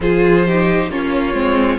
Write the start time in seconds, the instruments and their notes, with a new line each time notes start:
0.00 cello F3, viola F4, violin G#4 C5
0.46 viola D#4, violin G4
0.88 cello A#3, viola C#4, violin F4 C#5
1.33 cello G#3, viola C4